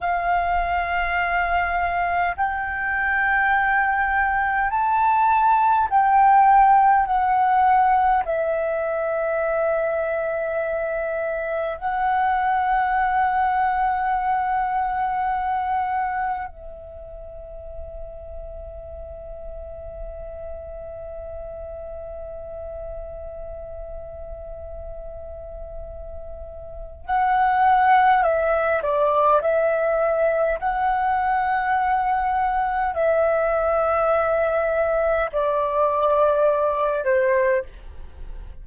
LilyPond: \new Staff \with { instrumentName = "flute" } { \time 4/4 \tempo 4 = 51 f''2 g''2 | a''4 g''4 fis''4 e''4~ | e''2 fis''2~ | fis''2 e''2~ |
e''1~ | e''2. fis''4 | e''8 d''8 e''4 fis''2 | e''2 d''4. c''8 | }